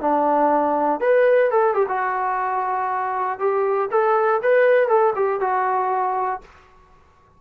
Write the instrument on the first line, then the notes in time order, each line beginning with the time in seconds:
trombone
0.00 D4
1.00 B4
1.50 A4
1.73 G4
1.88 F#4
3.39 G4
3.90 A4
4.42 B4
4.88 A4
5.15 G4
5.40 F#4